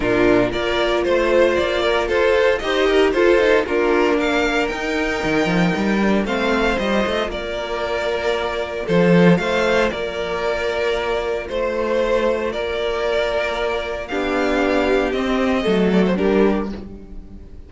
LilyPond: <<
  \new Staff \with { instrumentName = "violin" } { \time 4/4 \tempo 4 = 115 ais'4 d''4 c''4 d''4 | c''4 dis''4 c''4 ais'4 | f''4 g''2. | f''4 dis''4 d''2~ |
d''4 c''4 f''4 d''4~ | d''2 c''2 | d''2. f''4~ | f''4 dis''4. d''16 c''16 ais'4 | }
  \new Staff \with { instrumentName = "violin" } { \time 4/4 f'4 ais'4 c''4. ais'8 | a'4 c''8 ais'8 a'4 f'4 | ais'1 | c''2 ais'2~ |
ais'4 a'4 c''4 ais'4~ | ais'2 c''2 | ais'2. g'4~ | g'2 a'4 g'4 | }
  \new Staff \with { instrumentName = "viola" } { \time 4/4 d'4 f'2.~ | f'4 g'4 f'8 dis'8 d'4~ | d'4 dis'2~ dis'8 d'8 | c'4 f'2.~ |
f'1~ | f'1~ | f'2. d'4~ | d'4 c'4 a4 d'4 | }
  \new Staff \with { instrumentName = "cello" } { \time 4/4 ais,4 ais4 a4 ais4 | f'4 dis'4 f'4 ais4~ | ais4 dis'4 dis8 f8 g4 | a4 g8 a8 ais2~ |
ais4 f4 a4 ais4~ | ais2 a2 | ais2. b4~ | b4 c'4 fis4 g4 | }
>>